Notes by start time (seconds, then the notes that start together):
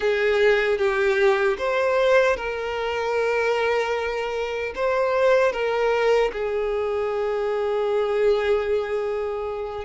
0.00 G#4
0.78 G4
1.58 C5
2.36 A#4
4.75 C5
5.52 A#4
6.32 G#4